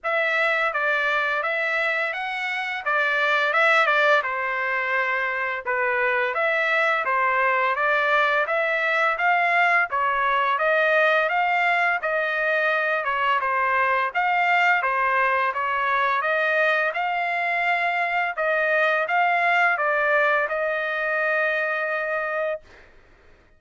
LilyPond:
\new Staff \with { instrumentName = "trumpet" } { \time 4/4 \tempo 4 = 85 e''4 d''4 e''4 fis''4 | d''4 e''8 d''8 c''2 | b'4 e''4 c''4 d''4 | e''4 f''4 cis''4 dis''4 |
f''4 dis''4. cis''8 c''4 | f''4 c''4 cis''4 dis''4 | f''2 dis''4 f''4 | d''4 dis''2. | }